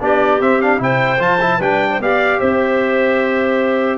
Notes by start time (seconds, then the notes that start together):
0.00 B3 D4 G4 D5
0.40 C4 E5
0.61 D4 F5
0.78 C3 E4 C5 G5
1.19 F3 F4 A5
1.41 E4
1.58 G3 D4 B4 G5
1.90 C5
1.99 B3 G4 D5 F5
2.39 C4 C5 E5